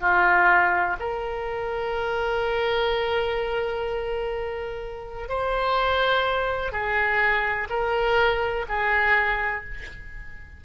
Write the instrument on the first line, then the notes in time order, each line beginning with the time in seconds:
oboe
0.00 F4
0.99 A#4
5.29 C5
6.72 G#4
7.69 A#4
8.68 G#4